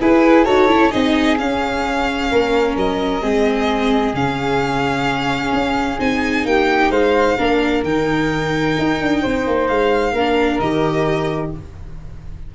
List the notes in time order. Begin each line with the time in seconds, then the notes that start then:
0.00 E4 G#4 B4
0.45 D#4 F#4 A4 C#5
0.68 C#4 E4
0.91 C4 D#4 G#4 D#5
1.38 C#4 F5
2.31 A#3 A#4
2.76 F#3 D#5
3.21 G#3 C4 G#4
4.14 C#3 C#4 F5
5.52 C#4
5.99 C4 D#4 G#5
6.45 A#3 G4 G5
6.90 G#3 C5 F5
7.38 A#3 D4 A#4
7.83 D#3 D#4 G5
8.78 D#4
9.01 D4
9.22 C4 C5
9.47 A#3
9.67 G#3 F5
10.13 A#3 D4 A#4
10.60 D#3 G4 D#5